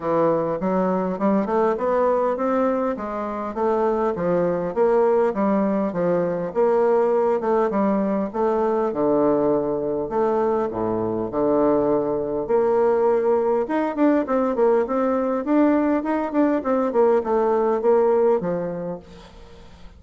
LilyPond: \new Staff \with { instrumentName = "bassoon" } { \time 4/4 \tempo 4 = 101 e4 fis4 g8 a8 b4 | c'4 gis4 a4 f4 | ais4 g4 f4 ais4~ | ais8 a8 g4 a4 d4~ |
d4 a4 a,4 d4~ | d4 ais2 dis'8 d'8 | c'8 ais8 c'4 d'4 dis'8 d'8 | c'8 ais8 a4 ais4 f4 | }